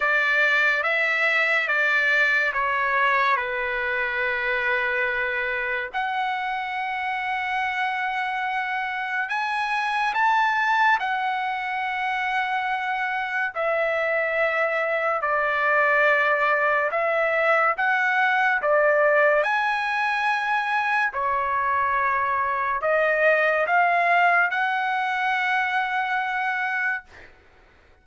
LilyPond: \new Staff \with { instrumentName = "trumpet" } { \time 4/4 \tempo 4 = 71 d''4 e''4 d''4 cis''4 | b'2. fis''4~ | fis''2. gis''4 | a''4 fis''2. |
e''2 d''2 | e''4 fis''4 d''4 gis''4~ | gis''4 cis''2 dis''4 | f''4 fis''2. | }